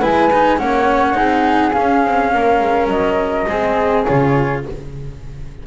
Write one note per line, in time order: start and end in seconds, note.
0.00 0.60 G#3
0.00 0.30 E4
0.00 0.58 B4
0.00 0.58 G#5
0.33 0.57 D#4
0.57 1.17 A#3
0.57 1.14 C#4
0.57 1.16 C#5
0.57 1.72 F#5
1.14 1.75 C4
1.14 1.71 D#4
1.14 2.31 G#4
1.72 3.46 C#4
1.72 2.05 C#4
1.72 2.87 F5
2.05 2.33 C4
2.33 2.60 A#3
2.33 3.47 A#4
2.60 2.87 G#3
2.87 3.45 F#3
2.87 4.04 D#5
3.47 4.05 G#3
3.47 4.06 C4
3.47 4.62 G#4
4.06 4.66 C#3
4.06 4.65 F4
4.06 4.63 C#5